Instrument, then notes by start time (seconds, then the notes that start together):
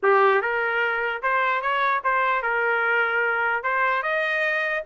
trumpet
0.02 G4
0.41 A#4
1.22 C5
1.61 C#5
2.04 C5
2.42 A#4
3.63 C5
4.02 D#5